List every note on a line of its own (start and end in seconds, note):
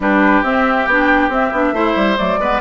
0.00 0.41 G3
0.00 0.44 D4
0.00 1.74 G4
0.00 0.43 B4
0.43 0.86 C4
0.43 0.88 C4
0.43 0.86 E5
0.86 1.28 B3
0.86 1.31 D4
0.86 1.29 G5
1.28 1.50 C4
1.28 1.52 C4
1.28 2.17 E5
1.51 1.72 B3
1.51 1.74 D4
1.72 1.94 A3
1.72 2.16 E4
1.72 2.39 C5
1.95 2.17 G3
2.16 2.38 F#3
2.16 2.38 A3
2.16 2.60 D5
2.38 2.60 G#3
2.38 2.60 B3
2.38 2.60 B4